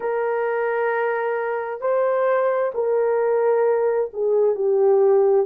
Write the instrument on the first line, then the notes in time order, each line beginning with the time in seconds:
horn
0.00 A#4
1.81 C5
2.74 A#4
4.13 G#4
4.55 G4